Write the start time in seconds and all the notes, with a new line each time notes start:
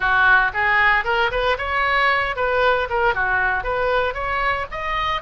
0.00 F#4
0.53 G#4
1.04 A#4
1.31 B4
1.58 C#5
2.36 B4
2.89 A#4
3.14 F#4
3.63 B4
4.14 C#5
4.71 D#5